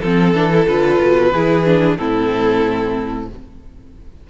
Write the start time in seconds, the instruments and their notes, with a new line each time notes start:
0.00 cello F3, viola C4, violin A4
0.34 cello E3, viola D4
0.53 viola E4
0.67 cello D3, viola F4, violin B4
1.00 cello B2
1.32 cello E3, viola E4, violin G#4
1.65 viola D4
1.96 cello A2, viola C4, violin E4 A4